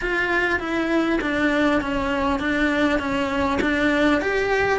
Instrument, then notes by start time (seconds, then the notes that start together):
cello
0.01 F4
0.59 E4
1.21 D4
1.81 C#4
2.39 D4
2.99 C#4
3.61 D4
4.21 G4